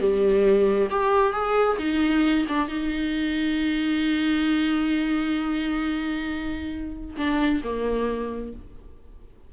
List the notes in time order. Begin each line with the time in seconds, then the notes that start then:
0.00 G3
0.90 G4
1.32 G#4
1.79 D#4
2.49 D4
2.68 D#4
7.17 D4
7.64 A#3